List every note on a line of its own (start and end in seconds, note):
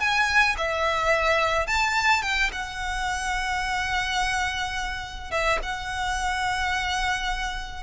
0.00 0.56 G#5
0.58 1.67 E5
1.67 2.23 A5
2.23 2.51 G5
2.53 5.31 F#5
5.31 5.59 E5
5.63 7.83 F#5